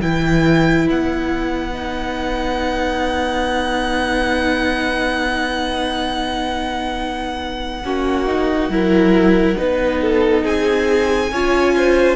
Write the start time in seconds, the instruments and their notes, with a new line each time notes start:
0.00 cello E3, viola E4, violin B4 G5
0.89 cello B3, violin F#5
1.73 viola D#4
7.84 cello A#3, viola C#4, violin F#4
8.26 viola D#4
8.69 cello F#3, viola E4, violin A#4
9.56 cello B3, viola D#4, violin B4
10.01 violin A4
10.43 cello C4, violin G#4 G#5
11.31 cello C#4, viola F4, violin C#5
11.77 violin C5